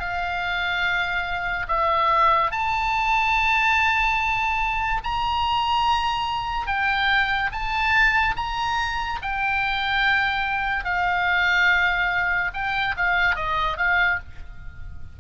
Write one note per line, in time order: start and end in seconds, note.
0.00 1.67 F5
1.69 2.52 E5
2.52 5.02 A5
5.04 6.67 A#5
6.67 7.50 G5
7.52 8.36 A5
8.37 9.20 A#5
9.22 10.85 G5
10.85 12.52 F5
12.54 12.95 G5
12.97 13.36 F5
13.36 13.78 D#5
13.78 14.19 F5